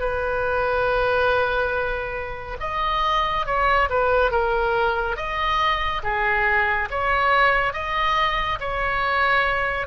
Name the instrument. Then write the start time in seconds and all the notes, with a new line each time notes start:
oboe
0.00 B4
2.60 D#5
3.46 C#5
3.89 B4
4.31 A#4
5.16 D#5
6.03 G#4
6.90 C#5
7.73 D#5
8.59 C#5